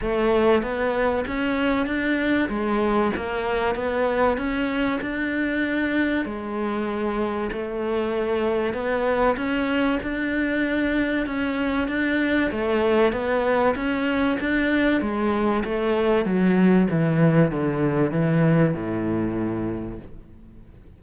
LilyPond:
\new Staff \with { instrumentName = "cello" } { \time 4/4 \tempo 4 = 96 a4 b4 cis'4 d'4 | gis4 ais4 b4 cis'4 | d'2 gis2 | a2 b4 cis'4 |
d'2 cis'4 d'4 | a4 b4 cis'4 d'4 | gis4 a4 fis4 e4 | d4 e4 a,2 | }